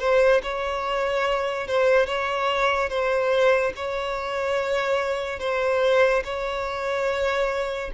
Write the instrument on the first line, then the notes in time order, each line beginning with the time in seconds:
violin
0.00 C5
0.43 C#5
1.67 C5
2.06 C#5
2.89 C5
3.76 C#5
5.40 C5
6.25 C#5